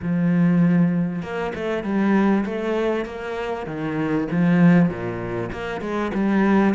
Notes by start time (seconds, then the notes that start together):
0.02 F3
1.22 A#3
1.54 A3
1.83 G3
2.45 A3
3.05 A#3
3.66 D#3
4.31 F3
4.89 A#2
5.52 A#3
5.81 G#3
6.14 G3